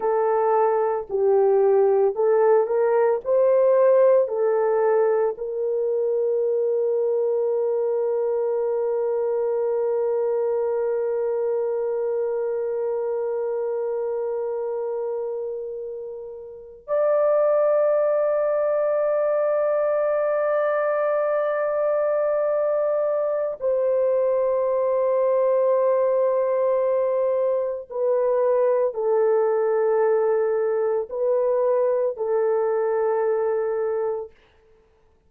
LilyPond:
\new Staff \with { instrumentName = "horn" } { \time 4/4 \tempo 4 = 56 a'4 g'4 a'8 ais'8 c''4 | a'4 ais'2.~ | ais'1~ | ais'2.~ ais'8. d''16~ |
d''1~ | d''2 c''2~ | c''2 b'4 a'4~ | a'4 b'4 a'2 | }